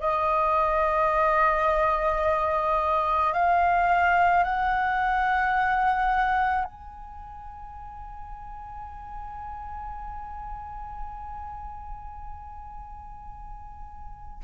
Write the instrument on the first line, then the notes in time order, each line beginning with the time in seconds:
flute
0.00 D#5
3.33 F5
4.44 F#5
6.65 G#5